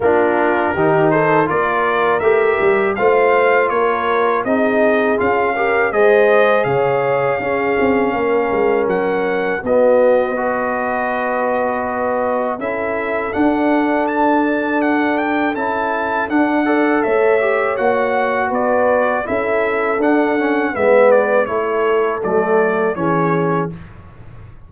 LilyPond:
<<
  \new Staff \with { instrumentName = "trumpet" } { \time 4/4 \tempo 4 = 81 ais'4. c''8 d''4 e''4 | f''4 cis''4 dis''4 f''4 | dis''4 f''2. | fis''4 dis''2.~ |
dis''4 e''4 fis''4 a''4 | fis''8 g''8 a''4 fis''4 e''4 | fis''4 d''4 e''4 fis''4 | e''8 d''8 cis''4 d''4 cis''4 | }
  \new Staff \with { instrumentName = "horn" } { \time 4/4 f'4 g'8 a'8 ais'2 | c''4 ais'4 gis'4. ais'8 | c''4 cis''4 gis'4 ais'4~ | ais'4 fis'4 b'2~ |
b'4 a'2.~ | a'2~ a'8 d''8 cis''4~ | cis''4 b'4 a'2 | b'4 a'2 gis'4 | }
  \new Staff \with { instrumentName = "trombone" } { \time 4/4 d'4 dis'4 f'4 g'4 | f'2 dis'4 f'8 g'8 | gis'2 cis'2~ | cis'4 b4 fis'2~ |
fis'4 e'4 d'2~ | d'4 e'4 d'8 a'4 g'8 | fis'2 e'4 d'8 cis'8 | b4 e'4 a4 cis'4 | }
  \new Staff \with { instrumentName = "tuba" } { \time 4/4 ais4 dis4 ais4 a8 g8 | a4 ais4 c'4 cis'4 | gis4 cis4 cis'8 c'8 ais8 gis8 | fis4 b2.~ |
b4 cis'4 d'2~ | d'4 cis'4 d'4 a4 | ais4 b4 cis'4 d'4 | gis4 a4 fis4 e4 | }
>>